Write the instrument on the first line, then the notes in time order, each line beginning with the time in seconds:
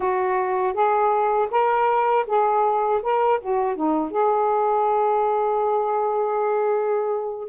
saxophone
0.00 F#4
0.73 G#4
1.50 A#4
2.26 G#4
3.02 A#4
3.40 F#4
3.75 D#4
4.10 G#4